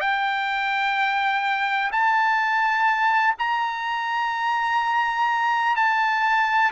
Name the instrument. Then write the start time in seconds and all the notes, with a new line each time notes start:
trumpet
0.00 G5
1.91 A5
3.39 A#5
5.76 A5